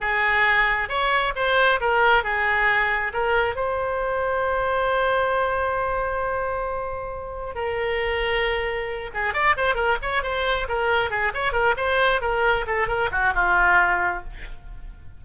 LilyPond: \new Staff \with { instrumentName = "oboe" } { \time 4/4 \tempo 4 = 135 gis'2 cis''4 c''4 | ais'4 gis'2 ais'4 | c''1~ | c''1~ |
c''4 ais'2.~ | ais'8 gis'8 d''8 c''8 ais'8 cis''8 c''4 | ais'4 gis'8 cis''8 ais'8 c''4 ais'8~ | ais'8 a'8 ais'8 fis'8 f'2 | }